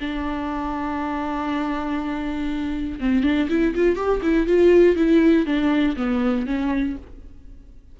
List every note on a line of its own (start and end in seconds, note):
0.00 3.00 D4
3.00 3.24 C4
3.24 3.49 D4
3.50 3.75 E4
3.75 3.96 F4
3.96 4.21 G4
4.22 4.47 E4
4.47 4.96 F4
4.96 5.46 E4
5.46 5.96 D4
5.96 6.46 B3
6.47 6.97 C#4